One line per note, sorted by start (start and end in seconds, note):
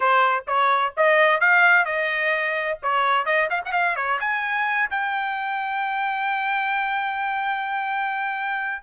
0.00 0.44 C5
0.47 0.93 C#5
0.96 1.40 D#5
1.40 1.85 F5
1.85 2.78 D#5
2.82 3.25 C#5
3.25 3.48 D#5
3.49 3.61 F5
3.65 3.72 F#5
3.72 3.95 F5
3.96 4.19 C#5
4.19 4.89 G#5
4.90 8.82 G5